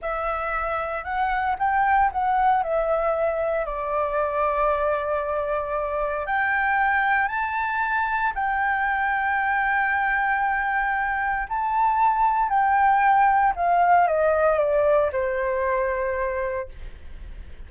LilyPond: \new Staff \with { instrumentName = "flute" } { \time 4/4 \tempo 4 = 115 e''2 fis''4 g''4 | fis''4 e''2 d''4~ | d''1 | g''2 a''2 |
g''1~ | g''2 a''2 | g''2 f''4 dis''4 | d''4 c''2. | }